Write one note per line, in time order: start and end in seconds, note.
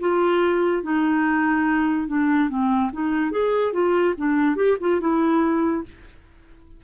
0.00 0.83 F4
0.83 2.08 D#4
2.08 2.50 D4
2.50 2.91 C4
2.93 3.31 D#4
3.31 3.73 G#4
3.73 4.15 F4
4.17 4.56 D4
4.56 4.77 G4
4.81 5.01 F4
5.01 5.84 E4